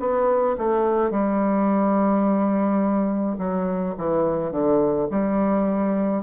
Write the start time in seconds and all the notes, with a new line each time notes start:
0.00 B3
0.58 A3
1.11 G3
3.39 F#3
3.98 E3
4.52 D3
5.11 G3